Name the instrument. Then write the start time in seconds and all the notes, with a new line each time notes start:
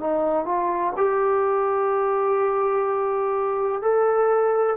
trombone
0.00 D#4
0.45 F4
0.97 G4
3.81 A4